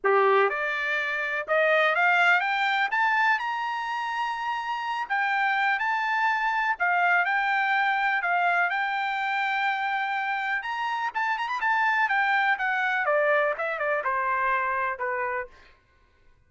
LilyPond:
\new Staff \with { instrumentName = "trumpet" } { \time 4/4 \tempo 4 = 124 g'4 d''2 dis''4 | f''4 g''4 a''4 ais''4~ | ais''2~ ais''8 g''4. | a''2 f''4 g''4~ |
g''4 f''4 g''2~ | g''2 ais''4 a''8 ais''16 b''16 | a''4 g''4 fis''4 d''4 | e''8 d''8 c''2 b'4 | }